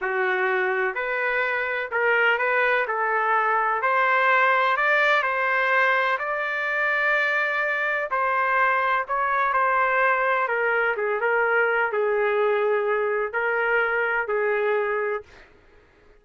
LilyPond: \new Staff \with { instrumentName = "trumpet" } { \time 4/4 \tempo 4 = 126 fis'2 b'2 | ais'4 b'4 a'2 | c''2 d''4 c''4~ | c''4 d''2.~ |
d''4 c''2 cis''4 | c''2 ais'4 gis'8 ais'8~ | ais'4 gis'2. | ais'2 gis'2 | }